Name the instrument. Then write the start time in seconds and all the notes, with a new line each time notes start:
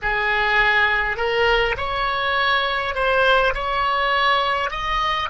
oboe
0.02 G#4
1.17 A#4
1.77 C#5
2.94 C5
3.54 C#5
4.70 D#5